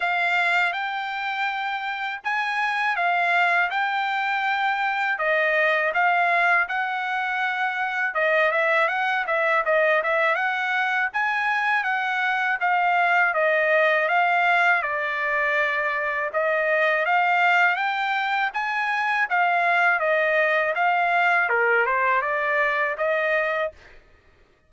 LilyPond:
\new Staff \with { instrumentName = "trumpet" } { \time 4/4 \tempo 4 = 81 f''4 g''2 gis''4 | f''4 g''2 dis''4 | f''4 fis''2 dis''8 e''8 | fis''8 e''8 dis''8 e''8 fis''4 gis''4 |
fis''4 f''4 dis''4 f''4 | d''2 dis''4 f''4 | g''4 gis''4 f''4 dis''4 | f''4 ais'8 c''8 d''4 dis''4 | }